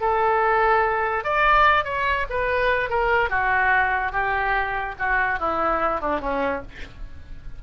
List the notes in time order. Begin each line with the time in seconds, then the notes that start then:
0.00 A4
1.24 D5
1.84 C#5
2.29 B4
2.89 A#4
3.29 F#4
4.12 G4
4.98 F#4
5.39 E4
6.00 D4
6.20 C#4